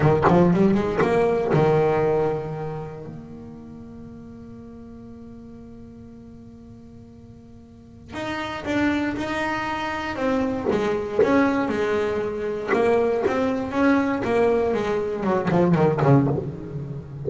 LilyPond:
\new Staff \with { instrumentName = "double bass" } { \time 4/4 \tempo 4 = 118 dis8 f8 g8 gis8 ais4 dis4~ | dis2 ais2~ | ais1~ | ais1 |
dis'4 d'4 dis'2 | c'4 gis4 cis'4 gis4~ | gis4 ais4 c'4 cis'4 | ais4 gis4 fis8 f8 dis8 cis8 | }